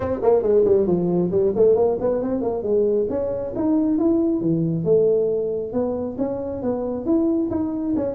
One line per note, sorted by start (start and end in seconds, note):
0.00 0.19 C4
0.22 0.42 A#3
0.42 0.64 G#3
0.65 0.86 G3
0.86 1.31 F3
1.31 1.53 G3
1.55 1.75 A3
1.75 1.97 A#3
2.00 2.22 B3
2.22 2.41 C4
2.41 2.62 A#3
2.62 3.07 G#3
3.09 3.53 C#4
3.55 3.98 D#4
3.98 4.40 E4
4.40 4.84 E3
4.84 5.72 A3
5.72 6.16 B3
6.18 6.62 C#4
6.62 7.05 B3
7.05 7.49 E4
7.50 7.94 D#4
7.96 8.15 C#4